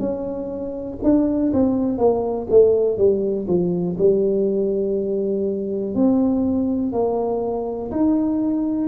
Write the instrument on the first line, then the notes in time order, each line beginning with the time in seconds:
tuba
0.00 C#4
1.03 D4
1.53 C4
1.98 A#3
2.50 A3
2.98 G3
3.47 F3
3.98 G3
5.95 C4
6.93 A#3
7.91 D#4